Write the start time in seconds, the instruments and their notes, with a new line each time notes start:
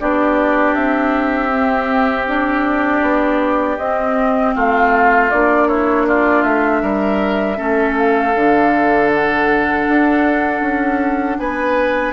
0.00 bassoon B3, clarinet D4, oboe G4, flute D5
0.75 bassoon C4, flute E5
1.51 clarinet C4
2.27 clarinet D4, flute D5
3.02 bassoon B3
3.78 bassoon C4, clarinet C4, flute D#5
4.55 bassoon A3, oboe F4, flute F5
5.31 bassoon A#3, clarinet D4, flute D5
5.68 oboe E4, flute C#5
6.07 oboe F4, flute D5
6.43 bassoon A3, flute E5
6.83 bassoon G3, oboe A#4
7.57 bassoon A3, clarinet C#4, oboe A4
7.98 flute F5
8.35 bassoon D3, clarinet D4
9.14 flute F#5
9.88 bassoon D4
10.62 bassoon C#4
11.39 bassoon B3, oboe B4, flute G#5